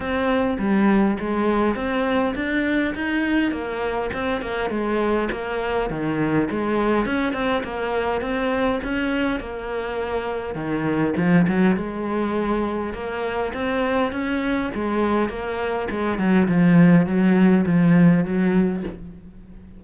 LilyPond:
\new Staff \with { instrumentName = "cello" } { \time 4/4 \tempo 4 = 102 c'4 g4 gis4 c'4 | d'4 dis'4 ais4 c'8 ais8 | gis4 ais4 dis4 gis4 | cis'8 c'8 ais4 c'4 cis'4 |
ais2 dis4 f8 fis8 | gis2 ais4 c'4 | cis'4 gis4 ais4 gis8 fis8 | f4 fis4 f4 fis4 | }